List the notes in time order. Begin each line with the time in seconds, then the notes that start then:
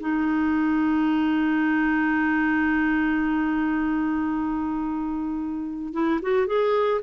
0.00 D#4
5.93 E4
6.22 F#4
6.47 G#4